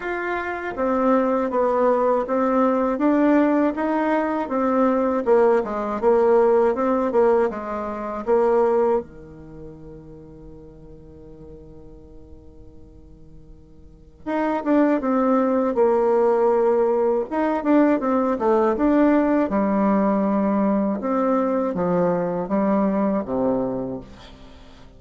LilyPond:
\new Staff \with { instrumentName = "bassoon" } { \time 4/4 \tempo 4 = 80 f'4 c'4 b4 c'4 | d'4 dis'4 c'4 ais8 gis8 | ais4 c'8 ais8 gis4 ais4 | dis1~ |
dis2. dis'8 d'8 | c'4 ais2 dis'8 d'8 | c'8 a8 d'4 g2 | c'4 f4 g4 c4 | }